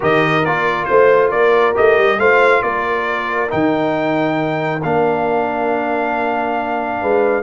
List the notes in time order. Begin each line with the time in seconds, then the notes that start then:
0.00 D#3 G4 A#4 D#5
0.44 A#3 F4 D5
0.85 A3 C5
1.30 A#3 A#4 D5
1.74 A3 G4 D#5
1.98 G3
2.18 A3 F4 C5 F5
2.62 A#3 A#4 D5
3.48 D#3 D#4 G5
4.82 A#3 D4 F5
7.00 G#3 B4